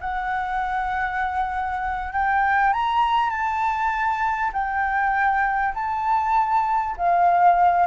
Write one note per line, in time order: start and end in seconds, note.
0.00 2.12 F#5
2.12 2.73 G5
2.73 3.30 A#5
3.30 4.51 A5
4.52 5.74 G5
5.74 6.95 A5
6.97 7.86 F5